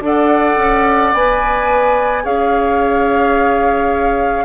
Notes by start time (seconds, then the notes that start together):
0.00 D4 A4 D5 F#5
0.56 C#4
1.13 B3 B4 G#5
2.23 C#4 G#4 C#5 F5